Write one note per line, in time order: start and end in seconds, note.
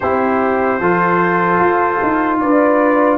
0.00 0.80 C4
0.00 0.81 E4
0.00 0.79 G4
0.00 2.39 C5
0.79 1.59 F3
0.79 3.18 F4
0.79 2.39 A4
1.59 1.99 F4
2.02 2.42 D#4
2.40 3.18 D4
2.40 3.18 B4
2.40 3.18 D5